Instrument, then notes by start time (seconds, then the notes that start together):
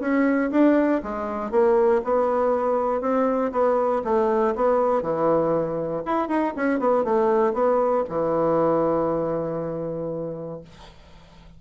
bassoon
0.00 C#4
0.51 D4
1.03 G#3
1.51 A#3
2.04 B3
3.01 C4
3.52 B3
4.04 A3
4.55 B3
5.02 E3
6.05 E4
6.28 D#4
6.56 C#4
6.80 B3
7.04 A3
7.54 B3
8.09 E3